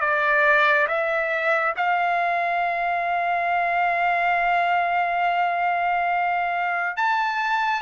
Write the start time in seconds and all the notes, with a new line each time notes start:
0.00 D5
0.87 E5
1.76 F5
6.96 A5